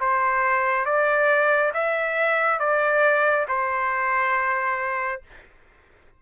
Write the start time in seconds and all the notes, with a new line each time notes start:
0.00 C5
0.85 D5
1.74 E5
2.59 D5
3.48 C5